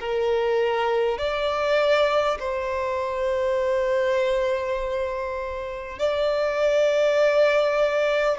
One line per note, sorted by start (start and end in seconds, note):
0.00 1.18 A#4
1.18 2.38 D5
2.39 5.99 C5
5.99 8.38 D5